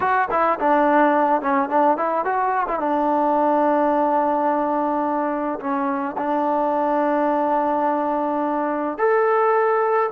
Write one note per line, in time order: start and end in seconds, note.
0.00 0.28 F#4
0.30 0.58 E4
0.59 1.41 D4
1.41 1.69 C#4
1.69 1.97 D4
1.97 2.24 E4
2.24 2.66 F#4
2.68 2.79 E4
2.79 5.59 D4
5.59 6.16 C#4
6.17 8.97 D4
8.98 10.10 A4